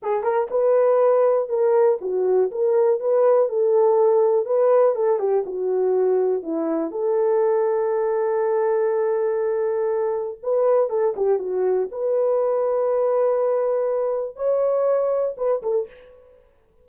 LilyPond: \new Staff \with { instrumentName = "horn" } { \time 4/4 \tempo 4 = 121 gis'8 ais'8 b'2 ais'4 | fis'4 ais'4 b'4 a'4~ | a'4 b'4 a'8 g'8 fis'4~ | fis'4 e'4 a'2~ |
a'1~ | a'4 b'4 a'8 g'8 fis'4 | b'1~ | b'4 cis''2 b'8 a'8 | }